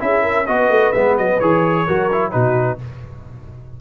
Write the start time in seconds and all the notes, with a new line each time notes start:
0.00 C#4 E4 G#4 E5
0.23 A#4
0.47 B3 F#4 B4 D#5
0.70 A3
0.93 G#3 B3 E5
1.18 F#3 D#5
1.40 E3 G#4 C#5
1.87 F#3 F#4 A#4
2.12 E4
2.31 B2 D#4 F#4 B4